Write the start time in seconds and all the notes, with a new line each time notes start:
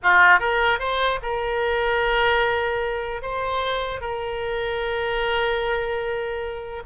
0.03 F4
0.39 A#4
0.79 C5
1.22 A#4
3.22 C5
4.00 A#4